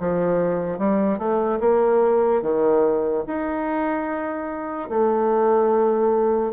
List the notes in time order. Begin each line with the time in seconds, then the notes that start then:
0.00 F3
0.79 G3
1.18 A3
1.61 A#3
2.42 D#3
3.27 D#4
4.90 A3